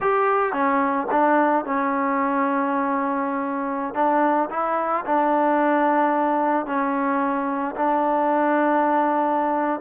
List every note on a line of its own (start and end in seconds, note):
0.00 0.52 G4
0.52 1.07 C#4
1.11 1.65 D4
1.65 3.94 C#4
3.94 4.49 D4
4.50 5.04 E4
5.05 6.65 D4
6.65 7.75 C#4
7.76 9.80 D4